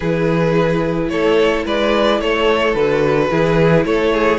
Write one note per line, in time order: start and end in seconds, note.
0.00 1.09 E3
0.00 2.76 E4
0.00 1.09 G#4
0.00 1.09 B4
1.09 1.64 A3
1.09 1.65 A4
1.09 1.64 C#5
1.65 2.20 G#3
1.65 2.20 B4
1.65 2.20 D5
2.20 2.75 A3
2.20 3.31 A4
2.20 2.74 C#5
2.74 3.30 D3
2.74 3.31 F#4
2.74 3.84 B4
3.31 3.85 E3
3.31 4.38 E4
3.31 3.86 G#4
3.84 4.38 A3
3.84 4.13 A4
3.84 4.38 C#5
4.13 4.38 G#4